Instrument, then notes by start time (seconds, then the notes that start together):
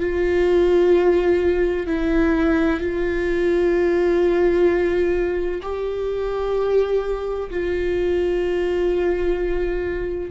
viola
0.00 F4
1.87 E4
2.80 F4
5.62 G4
7.50 F4